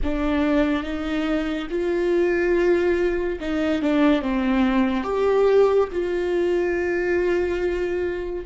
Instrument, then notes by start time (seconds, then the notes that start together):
viola
0.03 D4
0.83 D#4
1.70 F4
3.40 D#4
3.82 D4
4.21 C4
5.03 G4
5.92 F4